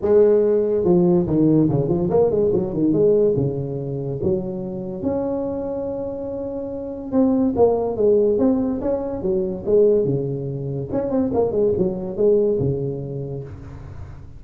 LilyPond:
\new Staff \with { instrumentName = "tuba" } { \time 4/4 \tempo 4 = 143 gis2 f4 dis4 | cis8 f8 ais8 gis8 fis8 dis8 gis4 | cis2 fis2 | cis'1~ |
cis'4 c'4 ais4 gis4 | c'4 cis'4 fis4 gis4 | cis2 cis'8 c'8 ais8 gis8 | fis4 gis4 cis2 | }